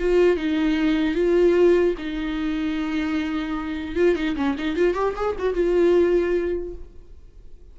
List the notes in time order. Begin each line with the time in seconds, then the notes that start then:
0.00 F4
0.37 D#4
1.15 F4
1.98 D#4
3.96 F4
4.16 D#4
4.37 C#4
4.58 D#4
4.76 F4
4.94 G4
5.17 G#4
5.39 F#4
5.54 F4